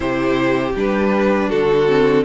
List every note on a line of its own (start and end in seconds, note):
0.00 0.74 C3
0.00 0.72 E4
0.00 1.48 G4
0.00 0.73 C5
0.75 1.50 G3
0.75 1.88 D4
0.75 1.49 B4
1.48 2.24 D3
1.48 2.23 F#4
1.48 2.24 A4
1.88 2.24 C4